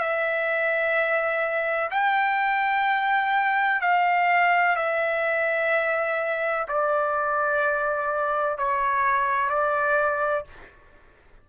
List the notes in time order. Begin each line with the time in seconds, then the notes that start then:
0.00 E5
1.91 G5
3.82 F5
4.77 E5
6.68 D5
8.58 C#5
9.50 D5